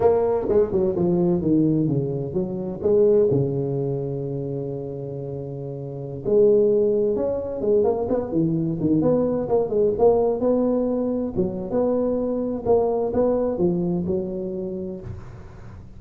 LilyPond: \new Staff \with { instrumentName = "tuba" } { \time 4/4 \tempo 4 = 128 ais4 gis8 fis8 f4 dis4 | cis4 fis4 gis4 cis4~ | cis1~ | cis4~ cis16 gis2 cis'8.~ |
cis'16 gis8 ais8 b8 e4 dis8 b8.~ | b16 ais8 gis8 ais4 b4.~ b16~ | b16 fis8. b2 ais4 | b4 f4 fis2 | }